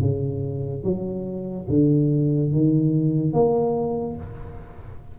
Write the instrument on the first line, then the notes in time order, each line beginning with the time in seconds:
tuba
0.00 C#3
0.83 F#3
1.68 D3
2.52 D#3
3.33 A#3